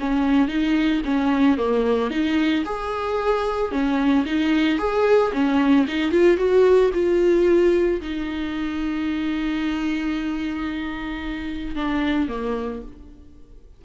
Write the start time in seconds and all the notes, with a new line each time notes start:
0.00 C#4
0.48 D#4
1.05 C#4
1.58 A#3
2.10 D#4
2.65 G#4
3.72 C#4
4.26 D#4
4.79 G#4
5.33 C#4
5.88 D#4
6.11 F4
6.37 F#4
6.94 F4
8.01 D#4
11.76 D4
12.29 A#3